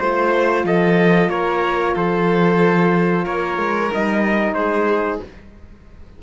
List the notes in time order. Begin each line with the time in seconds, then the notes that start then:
0.00 A3 F4 C5
0.65 F3 A4 D#5
1.30 A#3 A#4 C#5
1.95 F3 A4 C5
3.25 A#3 A#4 C#5
3.58 G#3
3.93 G3 D#4 D#5
4.54 G#3 G#4 C5